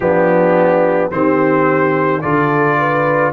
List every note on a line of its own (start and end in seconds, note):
0.00 1.10 F3
0.00 1.11 B3
0.00 1.12 D4
0.00 1.10 G4
1.11 2.22 D#3
1.11 2.22 C4
1.11 2.22 G4
1.11 2.21 C5
2.21 3.32 D3
2.21 3.32 F4
2.21 2.77 A4
2.21 3.32 D5
2.78 3.32 B4